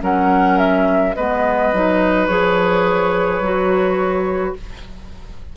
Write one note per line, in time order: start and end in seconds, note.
0.00 1.15 F#3
0.00 1.13 C#4
0.00 1.16 A#4
0.00 0.58 F#5
0.58 1.15 E5
1.15 1.73 G#3
1.15 1.74 B3
1.15 4.56 B4
1.15 2.27 D#5
1.73 2.29 F#3
1.73 2.29 D#4
2.27 3.40 F3
2.27 3.42 G#4
2.27 4.54 C#5
3.40 4.53 F#3
3.40 4.56 F#4